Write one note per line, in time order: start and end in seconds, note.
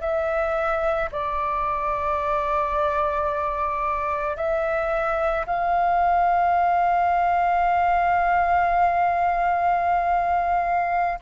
0.00 1.09 E5
1.12 4.36 D5
4.36 5.45 E5
5.46 11.19 F5